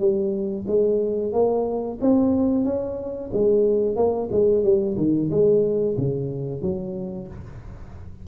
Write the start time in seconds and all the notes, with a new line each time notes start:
0.00 G3
0.68 G#3
1.33 A#3
2.01 C4
2.65 C#4
3.34 G#3
3.96 A#3
4.32 G#3
4.64 G3
4.98 D#3
5.31 G#3
5.98 C#3
6.62 F#3